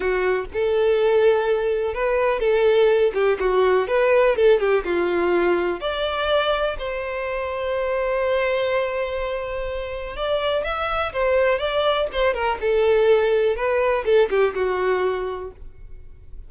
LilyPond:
\new Staff \with { instrumentName = "violin" } { \time 4/4 \tempo 4 = 124 fis'4 a'2. | b'4 a'4. g'8 fis'4 | b'4 a'8 g'8 f'2 | d''2 c''2~ |
c''1~ | c''4 d''4 e''4 c''4 | d''4 c''8 ais'8 a'2 | b'4 a'8 g'8 fis'2 | }